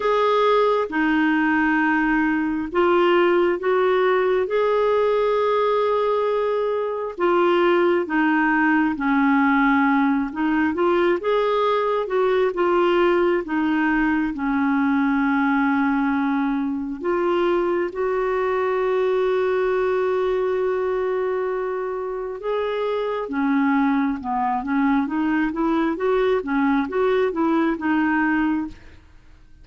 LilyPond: \new Staff \with { instrumentName = "clarinet" } { \time 4/4 \tempo 4 = 67 gis'4 dis'2 f'4 | fis'4 gis'2. | f'4 dis'4 cis'4. dis'8 | f'8 gis'4 fis'8 f'4 dis'4 |
cis'2. f'4 | fis'1~ | fis'4 gis'4 cis'4 b8 cis'8 | dis'8 e'8 fis'8 cis'8 fis'8 e'8 dis'4 | }